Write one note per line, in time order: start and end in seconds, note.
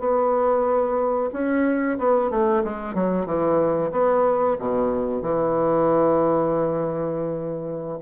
0.00 1.30 B3
1.33 1.99 C#4
1.99 2.31 B3
2.31 2.64 A3
2.64 2.95 G#3
2.95 3.27 F#3
3.27 3.92 E3
3.92 4.57 B3
4.59 5.23 B2
5.23 8.00 E3